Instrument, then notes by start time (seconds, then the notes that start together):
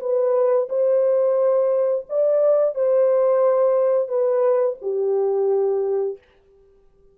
horn
0.00 B4
0.69 C5
2.09 D5
2.75 C5
4.08 B4
4.82 G4